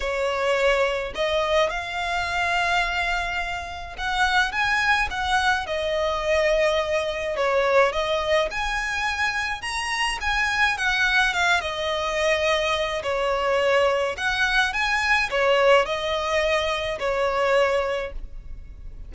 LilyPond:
\new Staff \with { instrumentName = "violin" } { \time 4/4 \tempo 4 = 106 cis''2 dis''4 f''4~ | f''2. fis''4 | gis''4 fis''4 dis''2~ | dis''4 cis''4 dis''4 gis''4~ |
gis''4 ais''4 gis''4 fis''4 | f''8 dis''2~ dis''8 cis''4~ | cis''4 fis''4 gis''4 cis''4 | dis''2 cis''2 | }